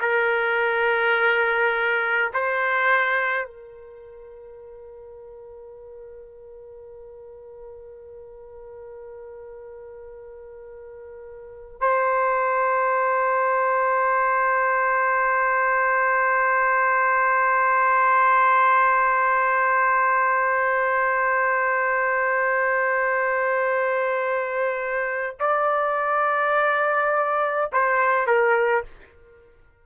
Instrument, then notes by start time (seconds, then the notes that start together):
trumpet
0.00 A#4
2.33 C5
3.46 A#4
11.81 C5
25.40 D5
27.72 C5
28.27 A#4